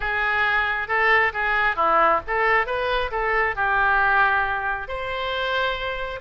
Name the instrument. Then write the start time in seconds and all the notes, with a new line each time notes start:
oboe
0.00 G#4
0.88 A4
1.33 G#4
1.76 E4
2.27 A4
2.66 B4
3.11 A4
3.55 G4
4.88 C5